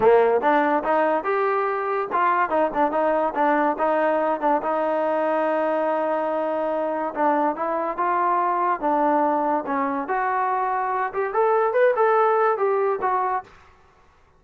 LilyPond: \new Staff \with { instrumentName = "trombone" } { \time 4/4 \tempo 4 = 143 ais4 d'4 dis'4 g'4~ | g'4 f'4 dis'8 d'8 dis'4 | d'4 dis'4. d'8 dis'4~ | dis'1~ |
dis'4 d'4 e'4 f'4~ | f'4 d'2 cis'4 | fis'2~ fis'8 g'8 a'4 | b'8 a'4. g'4 fis'4 | }